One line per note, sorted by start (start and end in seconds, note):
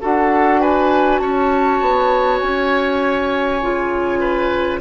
0.00 1.20 D4
0.00 3.61 F#4
0.00 0.60 A4
0.00 0.61 F#5
0.60 1.20 B4
0.60 1.19 G#5
1.19 1.79 C#4
1.19 4.20 C#5
1.19 2.39 A5
1.80 2.41 B3
2.39 3.62 C#4
2.39 4.79 G#5
3.62 4.80 C#3
3.62 4.80 F4
4.20 4.79 B4